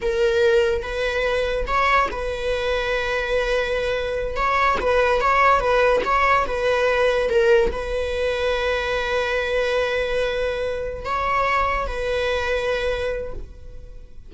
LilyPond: \new Staff \with { instrumentName = "viola" } { \time 4/4 \tempo 4 = 144 ais'2 b'2 | cis''4 b'2.~ | b'2~ b'8 cis''4 b'8~ | b'8 cis''4 b'4 cis''4 b'8~ |
b'4. ais'4 b'4.~ | b'1~ | b'2~ b'8 cis''4.~ | cis''8 b'2.~ b'8 | }